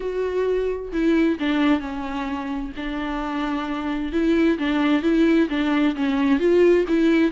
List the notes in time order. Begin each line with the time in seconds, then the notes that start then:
0.00 F#4
0.92 E4
1.39 D4
1.80 C#4
2.76 D4
4.12 E4
4.58 D4
5.02 E4
5.49 D4
5.95 C#4
6.39 F4
6.87 E4